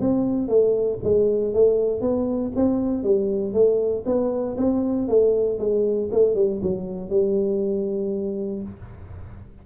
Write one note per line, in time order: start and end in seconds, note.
0.00 0.48 C4
0.48 0.99 A3
1.03 1.54 G#3
1.54 2.01 A3
2.01 2.52 B3
2.55 3.03 C4
3.03 3.53 G3
3.53 4.04 A3
4.06 4.57 B3
4.57 5.08 C4
5.08 5.59 A3
5.59 6.09 G#3
6.12 6.35 A3
6.35 6.61 G3
6.62 7.10 F#3
7.10 8.62 G3